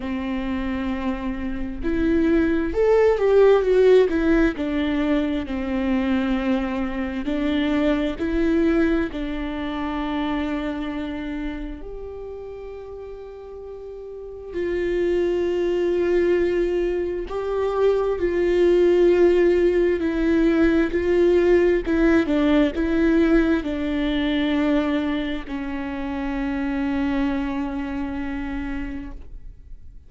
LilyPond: \new Staff \with { instrumentName = "viola" } { \time 4/4 \tempo 4 = 66 c'2 e'4 a'8 g'8 | fis'8 e'8 d'4 c'2 | d'4 e'4 d'2~ | d'4 g'2. |
f'2. g'4 | f'2 e'4 f'4 | e'8 d'8 e'4 d'2 | cis'1 | }